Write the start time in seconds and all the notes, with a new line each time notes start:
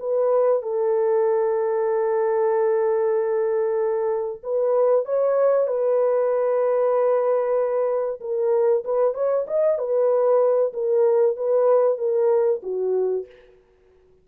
0.00 B4
0.63 A4
4.44 B4
5.06 C#5
5.68 B4
8.21 A#4
8.85 B4
9.14 C#5
9.47 D#5
9.78 B4
10.73 A#4
11.37 B4
11.98 A#4
12.63 F#4